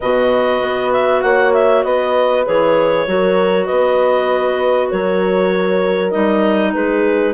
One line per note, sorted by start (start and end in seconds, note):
0.00 0.61 B2
0.00 2.45 F#4
0.00 1.22 B4
0.00 0.92 D#5
0.61 1.23 B3
0.92 1.22 E5
1.22 1.84 A#3
1.22 1.84 C#5
1.22 1.52 F#5
1.53 1.83 E5
1.83 2.45 B3
1.83 3.06 B4
1.83 2.44 D#5
2.45 3.06 E3
2.45 3.07 G#4
2.45 3.66 C#5
3.06 3.67 F#3
3.06 6.11 F#4
3.06 3.65 A#4
3.65 4.92 B3
3.65 4.88 B4
3.65 4.88 D#5
4.90 6.14 F#3
4.90 6.73 A#4
4.90 6.10 C#5
6.10 6.74 G3
6.10 7.33 D#4
6.10 6.71 D#5
6.73 7.34 G#3
6.73 7.34 G#4
6.73 7.34 B4